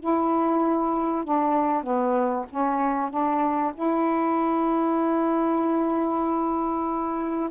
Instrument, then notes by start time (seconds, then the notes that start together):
saxophone
0.00 E4
1.25 D4
1.83 B3
2.50 C#4
3.10 D4
3.75 E4